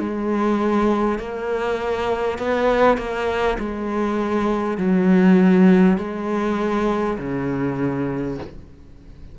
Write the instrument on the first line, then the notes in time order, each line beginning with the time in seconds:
cello
0.00 G#3
1.19 A#3
2.39 B3
2.98 A#3
3.59 G#3
4.78 F#3
5.98 G#3
7.18 C#3